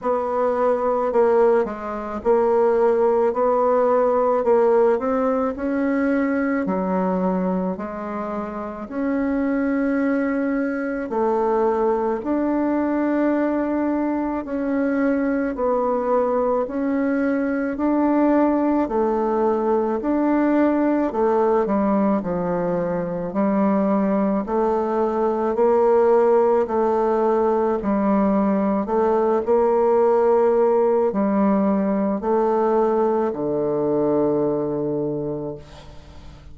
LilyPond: \new Staff \with { instrumentName = "bassoon" } { \time 4/4 \tempo 4 = 54 b4 ais8 gis8 ais4 b4 | ais8 c'8 cis'4 fis4 gis4 | cis'2 a4 d'4~ | d'4 cis'4 b4 cis'4 |
d'4 a4 d'4 a8 g8 | f4 g4 a4 ais4 | a4 g4 a8 ais4. | g4 a4 d2 | }